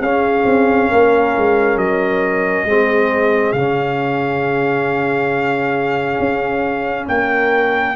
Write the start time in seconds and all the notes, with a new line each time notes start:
0.00 C#4 G#4 F5
0.45 C4
0.90 A#3 A#4
1.37 G#3
1.77 F#3 D#5
2.65 G#3 C4 G#4
3.52 C#3 C#4 F5
6.19 C#4
7.08 A#3 A#4 G5